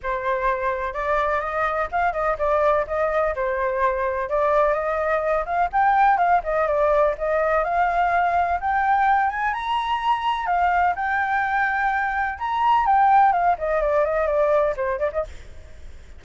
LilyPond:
\new Staff \with { instrumentName = "flute" } { \time 4/4 \tempo 4 = 126 c''2 d''4 dis''4 | f''8 dis''8 d''4 dis''4 c''4~ | c''4 d''4 dis''4. f''8 | g''4 f''8 dis''8 d''4 dis''4 |
f''2 g''4. gis''8 | ais''2 f''4 g''4~ | g''2 ais''4 g''4 | f''8 dis''8 d''8 dis''8 d''4 c''8 d''16 dis''16 | }